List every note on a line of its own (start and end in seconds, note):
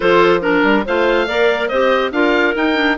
0.00 0.63 F3
0.00 0.41 F4
0.00 0.41 A4
0.00 0.40 C5
0.41 0.83 D4
0.41 0.83 A#4
0.41 0.84 A#4
0.63 0.84 G3
0.85 1.28 A3
0.85 1.27 F4
0.85 1.27 C5
0.85 1.68 F5
1.27 1.70 A#3
1.27 1.70 A#4
1.27 1.68 D5
1.68 2.11 C4
1.68 2.12 G4
1.68 2.11 C5
1.68 2.11 D#5
2.11 2.54 D4
2.11 2.54 F4
2.11 2.97 A#4
2.11 2.55 F5
2.54 2.74 D#4
2.54 2.97 D#4
2.54 2.97 G5
2.74 2.95 D4